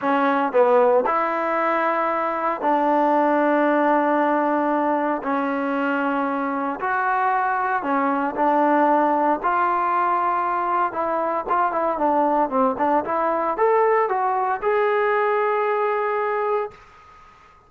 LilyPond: \new Staff \with { instrumentName = "trombone" } { \time 4/4 \tempo 4 = 115 cis'4 b4 e'2~ | e'4 d'2.~ | d'2 cis'2~ | cis'4 fis'2 cis'4 |
d'2 f'2~ | f'4 e'4 f'8 e'8 d'4 | c'8 d'8 e'4 a'4 fis'4 | gis'1 | }